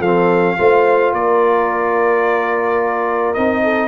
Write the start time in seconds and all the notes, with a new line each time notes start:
0.00 F3 C4 A4 F5
0.58 A3 F4 C5
1.13 A#3 A#4 D5
3.34 C4 D#4 D#5
3.64 A4